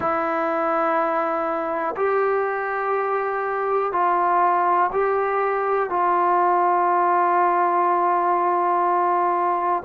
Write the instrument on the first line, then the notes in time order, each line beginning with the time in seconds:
trombone
0.00 E4
1.96 G4
3.92 F4
4.92 G4
5.89 F4